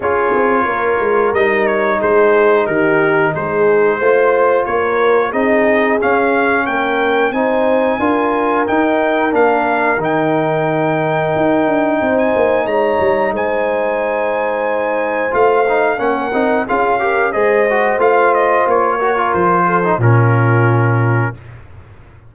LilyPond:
<<
  \new Staff \with { instrumentName = "trumpet" } { \time 4/4 \tempo 4 = 90 cis''2 dis''8 cis''8 c''4 | ais'4 c''2 cis''4 | dis''4 f''4 g''4 gis''4~ | gis''4 g''4 f''4 g''4~ |
g''2~ g''16 gis''8. ais''4 | gis''2. f''4 | fis''4 f''4 dis''4 f''8 dis''8 | cis''4 c''4 ais'2 | }
  \new Staff \with { instrumentName = "horn" } { \time 4/4 gis'4 ais'2 gis'4 | g'4 gis'4 c''4 ais'4 | gis'2 ais'4 c''4 | ais'1~ |
ais'2 c''4 cis''4 | c''1 | ais'4 gis'8 ais'8 c''2~ | c''8 ais'4 a'8 f'2 | }
  \new Staff \with { instrumentName = "trombone" } { \time 4/4 f'2 dis'2~ | dis'2 f'2 | dis'4 cis'2 dis'4 | f'4 dis'4 d'4 dis'4~ |
dis'1~ | dis'2. f'8 dis'8 | cis'8 dis'8 f'8 g'8 gis'8 fis'8 f'4~ | f'8 fis'16 f'4 dis'16 cis'2 | }
  \new Staff \with { instrumentName = "tuba" } { \time 4/4 cis'8 c'8 ais8 gis8 g4 gis4 | dis4 gis4 a4 ais4 | c'4 cis'4 ais4 c'4 | d'4 dis'4 ais4 dis4~ |
dis4 dis'8 d'8 c'8 ais8 gis8 g8 | gis2. a4 | ais8 c'8 cis'4 gis4 a4 | ais4 f4 ais,2 | }
>>